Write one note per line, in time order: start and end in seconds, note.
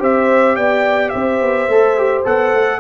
0.00 0.57 C4
0.00 1.68 G4
0.00 0.56 C5
0.00 0.56 E5
0.56 1.13 B3
0.56 1.12 D5
0.56 1.10 G5
1.10 1.41 C4
1.10 2.80 C5
1.10 2.22 E5
1.41 1.68 B3
1.68 2.24 A3
1.68 1.98 A4
1.98 2.25 G4
2.25 2.54 B3
2.25 2.80 A4
2.25 2.80 F#5
2.54 2.80 A3